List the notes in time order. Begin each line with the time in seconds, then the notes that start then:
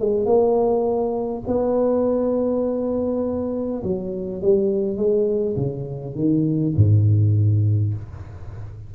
0.00 G#3
0.26 A#3
1.47 B3
3.83 F#3
4.42 G3
4.97 G#3
5.56 C#3
6.16 D#3
6.76 G#2